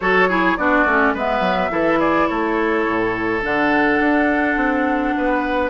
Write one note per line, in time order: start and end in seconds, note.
0.00 0.57 F#3
0.00 0.29 F#4
0.00 0.28 A4
0.00 0.57 C#5
0.28 0.57 E4
0.28 0.57 G#4
0.57 0.85 B3
0.57 0.86 D4
0.57 1.14 F#4
0.57 1.14 D5
0.85 1.13 A3
0.85 1.16 C#4
1.14 1.40 G#3
1.14 1.70 B3
1.14 1.71 B4
1.14 2.00 E5
1.40 1.68 F#3
1.70 2.28 E3
1.70 3.41 E4
1.70 1.99 A4
1.99 2.27 G#4
1.99 2.27 D5
2.27 2.85 A3
2.27 5.15 A4
2.27 3.41 C#5
2.85 3.43 A2
3.42 3.99 D3
3.42 5.70 D4
3.42 5.70 F#5
3.99 4.56 D4
4.56 5.13 C4
5.17 5.70 B3
5.17 5.70 B4